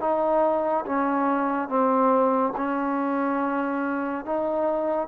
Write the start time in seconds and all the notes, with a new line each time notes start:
0.00 D#4
0.85 C#4
1.69 C4
2.57 C#4
4.25 D#4